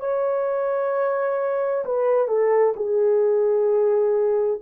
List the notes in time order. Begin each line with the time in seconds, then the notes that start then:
0.00 C#5
1.85 B4
2.28 A4
2.76 G#4